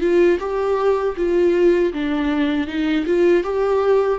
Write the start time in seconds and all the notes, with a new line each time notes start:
0.00 F4
0.39 G4
1.16 F4
1.93 D4
2.67 D#4
3.06 F4
3.43 G4